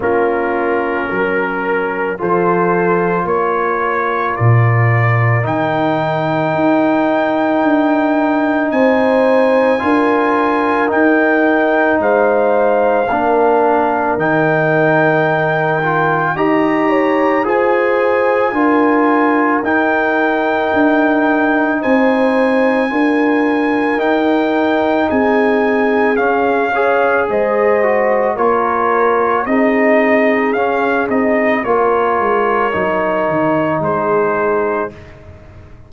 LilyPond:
<<
  \new Staff \with { instrumentName = "trumpet" } { \time 4/4 \tempo 4 = 55 ais'2 c''4 cis''4 | d''4 g''2. | gis''2 g''4 f''4~ | f''4 g''2 ais''4 |
gis''2 g''2 | gis''2 g''4 gis''4 | f''4 dis''4 cis''4 dis''4 | f''8 dis''8 cis''2 c''4 | }
  \new Staff \with { instrumentName = "horn" } { \time 4/4 f'4 ais'4 a'4 ais'4~ | ais'1 | c''4 ais'2 c''4 | ais'2. dis''8 cis''8 |
c''4 ais'2. | c''4 ais'2 gis'4~ | gis'8 cis''8 c''4 ais'4 gis'4~ | gis'4 ais'2 gis'4 | }
  \new Staff \with { instrumentName = "trombone" } { \time 4/4 cis'2 f'2~ | f'4 dis'2.~ | dis'4 f'4 dis'2 | d'4 dis'4. f'8 g'4 |
gis'4 f'4 dis'2~ | dis'4 f'4 dis'2 | cis'8 gis'4 fis'8 f'4 dis'4 | cis'8 dis'8 f'4 dis'2 | }
  \new Staff \with { instrumentName = "tuba" } { \time 4/4 ais4 fis4 f4 ais4 | ais,4 dis4 dis'4 d'4 | c'4 d'4 dis'4 gis4 | ais4 dis2 dis'4 |
f'4 d'4 dis'4 d'4 | c'4 d'4 dis'4 c'4 | cis'4 gis4 ais4 c'4 | cis'8 c'8 ais8 gis8 fis8 dis8 gis4 | }
>>